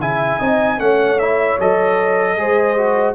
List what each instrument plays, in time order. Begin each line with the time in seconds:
0.00 tuba C#3, trombone E4, horn E5, trumpet G#5
0.39 tuba C4, trombone D#4, horn D#5
0.78 tuba A3, trombone C#4, horn C#5, trumpet F#5
1.19 trombone E4, trumpet E5
1.60 tuba F#3, trombone A4, trumpet D#5
2.37 tuba G#3, trombone G#4, horn C5
2.78 trombone F#4